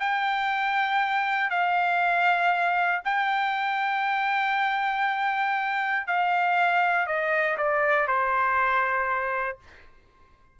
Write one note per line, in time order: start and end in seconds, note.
0.00 1.51 G5
1.51 3.02 F5
3.05 6.08 G5
6.08 7.07 F5
7.07 7.58 D#5
7.58 8.08 D5
8.08 9.59 C5